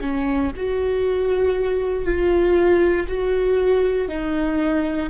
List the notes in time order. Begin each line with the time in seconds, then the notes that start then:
0.00 C#4
0.56 F#4
2.05 F4
3.07 F#4
4.08 D#4